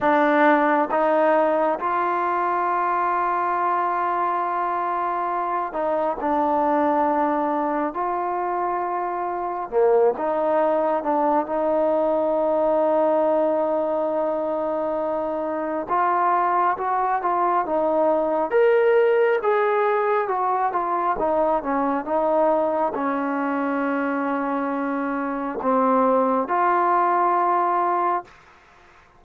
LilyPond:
\new Staff \with { instrumentName = "trombone" } { \time 4/4 \tempo 4 = 68 d'4 dis'4 f'2~ | f'2~ f'8 dis'8 d'4~ | d'4 f'2 ais8 dis'8~ | dis'8 d'8 dis'2.~ |
dis'2 f'4 fis'8 f'8 | dis'4 ais'4 gis'4 fis'8 f'8 | dis'8 cis'8 dis'4 cis'2~ | cis'4 c'4 f'2 | }